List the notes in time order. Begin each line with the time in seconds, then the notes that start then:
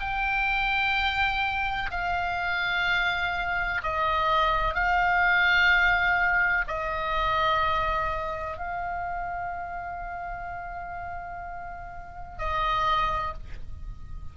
0.00 G5
1.91 F5
3.83 D#5
4.74 F5
6.68 D#5
8.57 F5
12.38 D#5